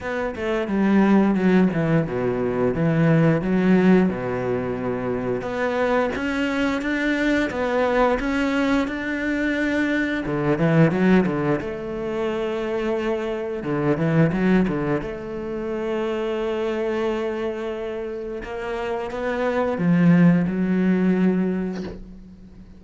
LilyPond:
\new Staff \with { instrumentName = "cello" } { \time 4/4 \tempo 4 = 88 b8 a8 g4 fis8 e8 b,4 | e4 fis4 b,2 | b4 cis'4 d'4 b4 | cis'4 d'2 d8 e8 |
fis8 d8 a2. | d8 e8 fis8 d8 a2~ | a2. ais4 | b4 f4 fis2 | }